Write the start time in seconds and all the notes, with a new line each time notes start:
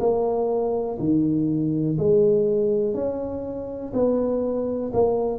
0.00 A#3
1.00 D#3
1.99 G#3
2.95 C#4
3.94 B3
4.94 A#3